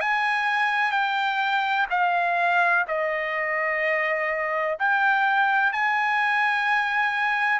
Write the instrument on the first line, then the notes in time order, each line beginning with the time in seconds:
trumpet
0.00 G#5
0.91 G5
1.90 F5
2.88 D#5
4.79 G5
5.73 G#5